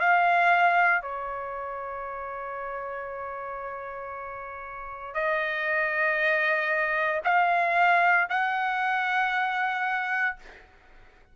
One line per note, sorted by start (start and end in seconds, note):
0.00 1.02 F5
1.02 5.14 C#5
5.14 7.21 D#5
7.24 8.28 F5
8.29 10.37 F#5